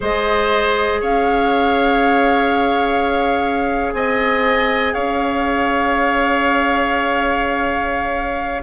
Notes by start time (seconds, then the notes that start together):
0.00 G#3 G#4 C5 D#5
1.00 C#4 C#5 F5
3.93 C4 D#5 G#5
4.93 C#4 C#5 F5